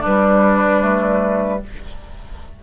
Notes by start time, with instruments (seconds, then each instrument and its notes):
0.00 bassoon G3, oboe D4, flute B4
0.08 clarinet G3
0.81 clarinet A3